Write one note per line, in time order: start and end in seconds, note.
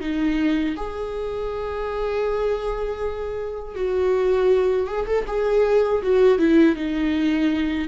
0.00 0.75 D#4
0.76 3.75 G#4
3.75 4.87 F#4
4.87 5.06 G#4
5.06 5.25 A4
5.27 6.02 G#4
6.02 6.38 F#4
6.38 6.75 E4
6.75 7.88 D#4